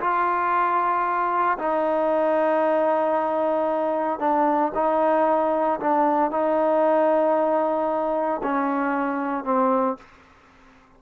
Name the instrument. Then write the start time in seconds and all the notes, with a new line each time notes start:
trombone
0.00 F4
1.58 D#4
4.19 D4
4.74 D#4
5.80 D4
6.31 D#4
8.43 C#4
9.44 C4